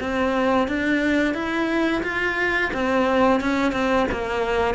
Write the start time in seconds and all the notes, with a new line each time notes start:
0.00 C4
0.67 D4
1.34 E4
2.03 F4
2.73 C4
3.40 C#4
3.72 C4
4.11 A#3